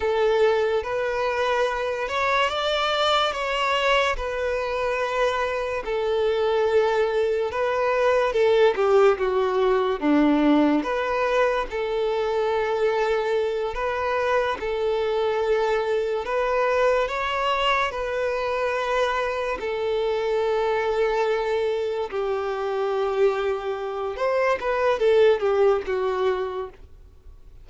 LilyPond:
\new Staff \with { instrumentName = "violin" } { \time 4/4 \tempo 4 = 72 a'4 b'4. cis''8 d''4 | cis''4 b'2 a'4~ | a'4 b'4 a'8 g'8 fis'4 | d'4 b'4 a'2~ |
a'8 b'4 a'2 b'8~ | b'8 cis''4 b'2 a'8~ | a'2~ a'8 g'4.~ | g'4 c''8 b'8 a'8 g'8 fis'4 | }